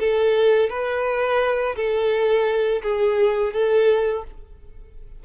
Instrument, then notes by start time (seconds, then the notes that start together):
violin
0.00 A4
0.70 B4
1.76 A4
2.83 G#4
3.54 A4